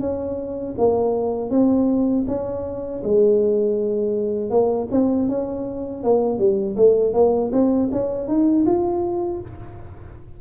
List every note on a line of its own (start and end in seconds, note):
0.00 0.75 C#4
0.77 1.50 A#3
1.50 2.25 C4
2.27 3.02 C#4
3.03 4.50 G#3
4.50 4.88 A#3
4.91 5.28 C4
5.28 6.03 C#4
6.03 6.38 A#3
6.38 6.76 G3
6.76 7.13 A3
7.13 7.51 A#3
7.52 7.89 C4
7.92 8.28 C#4
8.28 8.65 D#4
8.66 9.41 F4